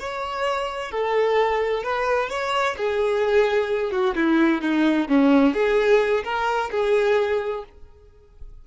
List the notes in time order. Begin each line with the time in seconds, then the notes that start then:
0.00 C#5
0.91 A4
1.84 B4
2.30 C#5
2.78 G#4
3.92 F#4
4.15 E4
4.62 D#4
5.09 C#4
5.54 G#4
6.24 A#4
6.72 G#4